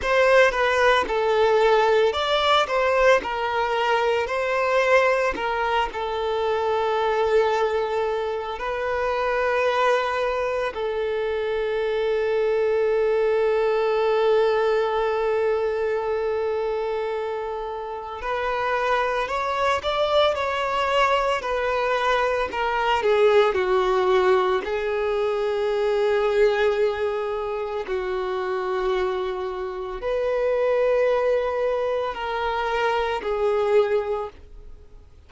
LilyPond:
\new Staff \with { instrumentName = "violin" } { \time 4/4 \tempo 4 = 56 c''8 b'8 a'4 d''8 c''8 ais'4 | c''4 ais'8 a'2~ a'8 | b'2 a'2~ | a'1~ |
a'4 b'4 cis''8 d''8 cis''4 | b'4 ais'8 gis'8 fis'4 gis'4~ | gis'2 fis'2 | b'2 ais'4 gis'4 | }